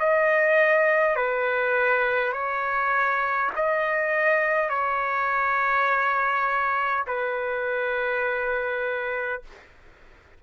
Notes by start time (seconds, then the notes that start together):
0.00 D#5
1.16 B4
2.33 C#5
3.56 D#5
4.70 C#5
7.07 B4